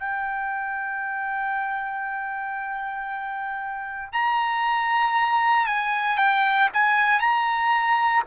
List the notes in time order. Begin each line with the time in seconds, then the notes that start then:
0.00 G5
4.13 A#5
5.67 G#5
6.18 G5
6.74 G#5
7.20 A#5